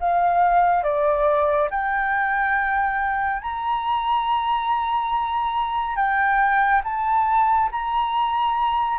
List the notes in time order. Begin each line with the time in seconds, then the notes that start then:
0.00 F5
0.83 D5
1.71 G5
3.42 A#5
5.96 G5
6.84 A5
7.71 A#5